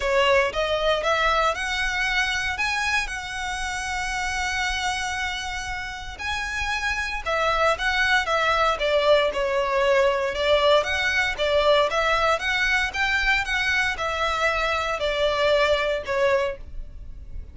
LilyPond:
\new Staff \with { instrumentName = "violin" } { \time 4/4 \tempo 4 = 116 cis''4 dis''4 e''4 fis''4~ | fis''4 gis''4 fis''2~ | fis''1 | gis''2 e''4 fis''4 |
e''4 d''4 cis''2 | d''4 fis''4 d''4 e''4 | fis''4 g''4 fis''4 e''4~ | e''4 d''2 cis''4 | }